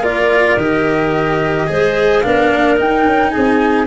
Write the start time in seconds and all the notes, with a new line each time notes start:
0.00 A#3 F4 A#4 D5
0.57 D#3 G4 D#5
1.67 G#3 G#4 C5
2.21 B3 D4 A#4 F5
2.52 A#3
2.77 D#4 G5
3.05 C#4
3.31 C4 G#4 G#5